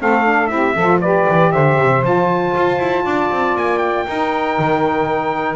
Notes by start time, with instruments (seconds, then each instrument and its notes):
0.00 double bass A3, saxophone C4 A4, trumpet F5
0.25 saxophone D4
0.47 double bass C4, saxophone E4 G4, trumpet E5
0.75 double bass F3, saxophone F4 A4
1.01 saxophone G4 B4, trumpet D5
1.29 double bass E3
1.52 double bass D3, saxophone C5, trumpet E5
1.79 double bass C3
2.03 double bass F3, saxophone F4, trumpet A5
2.56 double bass F4
2.79 double bass E4
3.04 double bass D4, saxophone D5
3.31 double bass C4
3.56 double bass A#3, trumpet G#5
3.78 trumpet G5
4.07 double bass D#4, saxophone D#4 A#4
4.58 double bass D#3